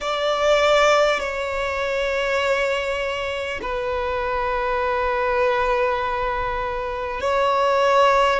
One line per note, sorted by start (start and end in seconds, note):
0.01 1.20 D5
1.20 3.60 C#5
3.62 7.21 B4
7.21 8.39 C#5